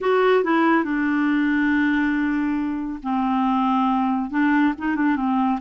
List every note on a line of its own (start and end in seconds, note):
0.00 0.44 F#4
0.44 0.84 E4
0.84 3.00 D4
3.03 4.30 C4
4.30 4.73 D4
4.78 4.95 D#4
4.95 5.15 D4
5.15 5.59 C4